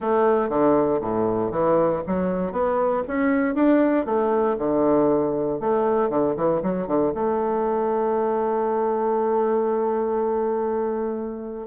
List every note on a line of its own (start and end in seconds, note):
0.00 0.49 A3
0.49 1.00 D3
1.01 1.51 A2
1.51 2.02 E3
2.06 2.52 F#3
2.52 3.03 B3
3.07 3.55 C#4
3.55 4.05 D4
4.05 4.56 A3
4.58 5.59 D3
5.59 6.09 A3
6.09 6.34 D3
6.36 6.61 E3
6.62 6.87 F#3
6.87 7.12 D3
7.14 11.67 A3